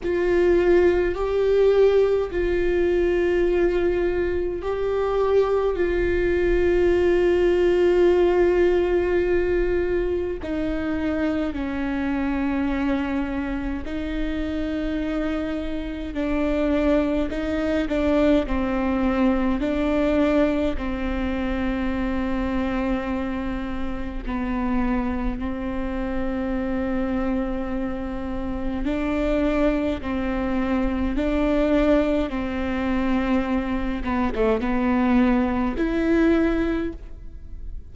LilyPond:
\new Staff \with { instrumentName = "viola" } { \time 4/4 \tempo 4 = 52 f'4 g'4 f'2 | g'4 f'2.~ | f'4 dis'4 cis'2 | dis'2 d'4 dis'8 d'8 |
c'4 d'4 c'2~ | c'4 b4 c'2~ | c'4 d'4 c'4 d'4 | c'4. b16 a16 b4 e'4 | }